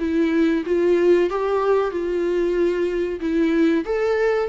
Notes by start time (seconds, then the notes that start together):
0.00 E4
0.66 F4
1.30 G4
1.91 F4
3.21 E4
3.86 A4